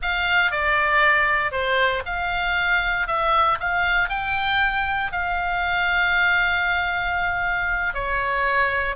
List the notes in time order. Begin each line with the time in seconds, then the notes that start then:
0.02 F5
0.51 D5
1.51 C5
2.05 F5
3.07 E5
3.59 F5
4.09 G5
5.12 F5
7.94 C#5